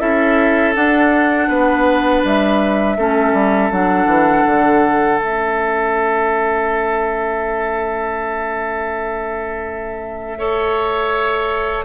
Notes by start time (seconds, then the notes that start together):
0.00 C#4 E4 A4 E5
0.75 D4 F#5
1.49 B3 B4
2.25 G3 E5
2.97 A3 C#4 A4
3.33 G3
3.71 F#3 D4 F#5
4.06 E3
4.47 D3
5.19 A3 C#4 E5
10.39 A4 C#5